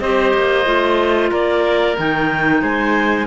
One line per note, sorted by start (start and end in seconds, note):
0.00 0.33 C4
0.00 0.65 G4
0.00 1.30 C5
0.00 1.30 D#5
0.34 0.66 A#3
0.65 1.31 A3
0.65 1.96 F4
1.30 1.96 A#3
1.30 2.61 A#4
1.30 1.97 D5
1.97 2.62 D#3
1.97 3.26 D#4
1.97 2.62 G5
2.62 3.26 G#3
2.62 3.26 C5
2.62 3.26 G#5